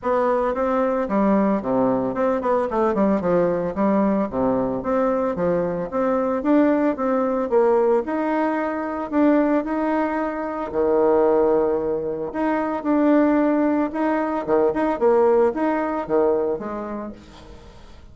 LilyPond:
\new Staff \with { instrumentName = "bassoon" } { \time 4/4 \tempo 4 = 112 b4 c'4 g4 c4 | c'8 b8 a8 g8 f4 g4 | c4 c'4 f4 c'4 | d'4 c'4 ais4 dis'4~ |
dis'4 d'4 dis'2 | dis2. dis'4 | d'2 dis'4 dis8 dis'8 | ais4 dis'4 dis4 gis4 | }